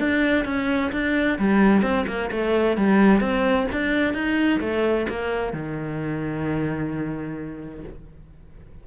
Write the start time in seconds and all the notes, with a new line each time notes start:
0.00 D4
0.46 C#4
0.93 D4
1.39 G3
1.83 C4
2.08 A#3
2.32 A3
2.78 G3
3.21 C4
3.73 D4
4.14 D#4
4.61 A3
5.10 A#3
5.53 D#3